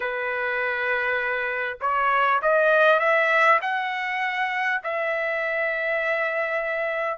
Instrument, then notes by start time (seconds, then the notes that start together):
trumpet
0.00 B4
1.80 C#5
2.42 D#5
2.99 E5
3.61 F#5
4.83 E5